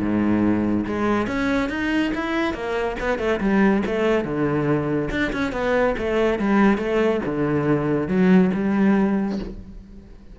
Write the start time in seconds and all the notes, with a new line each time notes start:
0.00 G#2
0.86 G#3
1.27 C#4
1.70 D#4
2.15 E4
2.54 A#3
3.00 B3
3.19 A3
3.40 G3
3.86 A3
4.25 D3
5.10 D4
5.33 C#4
5.52 B3
5.98 A3
6.39 G3
6.78 A3
7.25 D3
8.08 F#3
8.54 G3